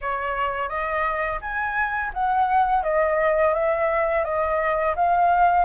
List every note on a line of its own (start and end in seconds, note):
0.01 0.69 C#5
0.69 1.39 D#5
1.41 2.11 G#5
2.13 2.83 F#5
2.83 3.54 D#5
3.54 4.24 E5
4.24 4.94 D#5
4.95 5.64 F5